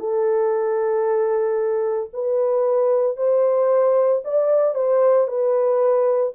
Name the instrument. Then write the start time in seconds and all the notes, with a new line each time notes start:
horn
0.00 A4
2.13 B4
3.17 C5
4.25 D5
4.75 C5
5.28 B4